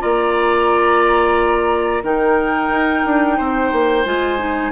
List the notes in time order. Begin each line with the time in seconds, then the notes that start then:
0.00 A#3 F4 D5 A#5
2.03 D#3 D#4 A#4 G5
2.70 D#4
3.05 D4
3.37 C4 C5
3.72 A#3
4.05 G#3 F4 G#5
4.38 D#4